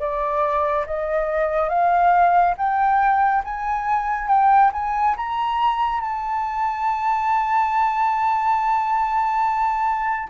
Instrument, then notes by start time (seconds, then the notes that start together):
flute
0.00 D5
0.86 D#5
1.69 F5
2.58 G5
3.44 G#5
4.28 G5
4.73 G#5
5.17 A#5
6.01 A5